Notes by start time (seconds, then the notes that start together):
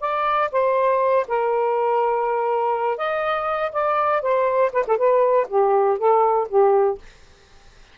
0.00 D5
0.51 C5
1.28 A#4
2.97 D#5
3.72 D5
4.21 C5
4.72 B4
4.87 A4
4.97 B4
5.48 G4
5.98 A4
6.48 G4